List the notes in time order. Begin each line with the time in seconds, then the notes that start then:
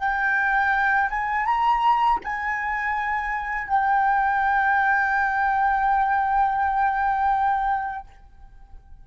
0.00 G5
1.10 G#5
1.46 A#5
2.25 G#5
3.68 G5